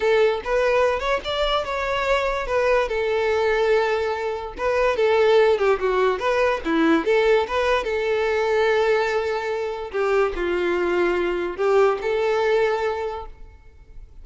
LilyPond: \new Staff \with { instrumentName = "violin" } { \time 4/4 \tempo 4 = 145 a'4 b'4. cis''8 d''4 | cis''2 b'4 a'4~ | a'2. b'4 | a'4. g'8 fis'4 b'4 |
e'4 a'4 b'4 a'4~ | a'1 | g'4 f'2. | g'4 a'2. | }